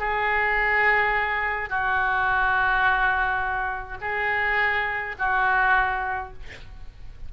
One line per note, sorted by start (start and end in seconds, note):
0.00 1.70 G#4
1.70 3.98 F#4
4.02 5.16 G#4
5.19 6.33 F#4